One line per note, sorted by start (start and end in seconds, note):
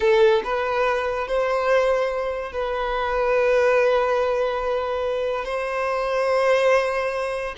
0.00 0.42 A4
0.43 1.27 B4
1.27 2.52 C5
2.52 5.45 B4
5.45 7.54 C5